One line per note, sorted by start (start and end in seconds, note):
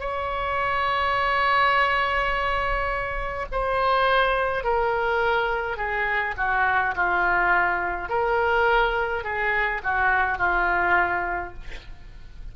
0.00 3.46 C#5
3.52 4.64 C5
4.64 5.77 A#4
5.77 6.35 G#4
6.37 6.95 F#4
6.96 8.09 F4
8.09 9.24 A#4
9.24 9.82 G#4
9.83 10.38 F#4
10.38 11.54 F4